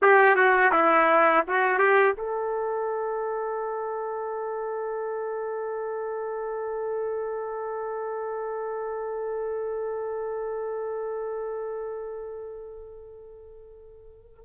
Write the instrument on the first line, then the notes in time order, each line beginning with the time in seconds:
trumpet
0.02 G4
0.35 F#4
0.72 E4
1.47 F#4
1.78 G4
2.17 A4